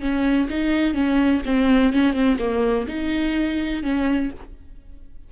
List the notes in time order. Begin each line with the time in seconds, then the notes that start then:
0.00 C#4
0.49 D#4
0.94 C#4
1.45 C4
1.92 C#4
2.13 C4
2.38 A#3
2.87 D#4
3.82 C#4